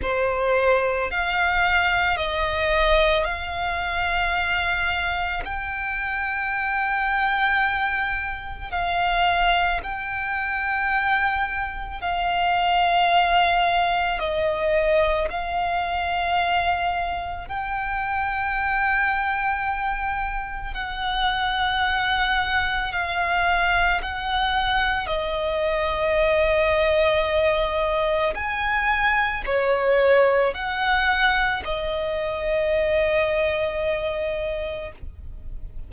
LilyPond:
\new Staff \with { instrumentName = "violin" } { \time 4/4 \tempo 4 = 55 c''4 f''4 dis''4 f''4~ | f''4 g''2. | f''4 g''2 f''4~ | f''4 dis''4 f''2 |
g''2. fis''4~ | fis''4 f''4 fis''4 dis''4~ | dis''2 gis''4 cis''4 | fis''4 dis''2. | }